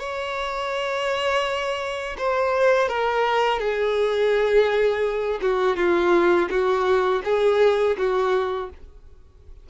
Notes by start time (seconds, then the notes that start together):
0.00 C#5
2.18 C5
2.89 A#4
3.60 G#4
5.42 F#4
5.77 F4
6.50 F#4
7.25 G#4
7.98 F#4